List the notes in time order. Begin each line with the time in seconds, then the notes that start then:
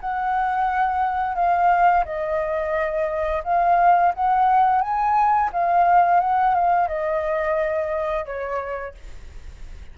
0.00 F#5
1.35 F5
2.05 D#5
3.44 F5
4.14 F#5
4.81 G#5
5.52 F5
6.20 F#5
6.55 F5
6.87 D#5
8.25 C#5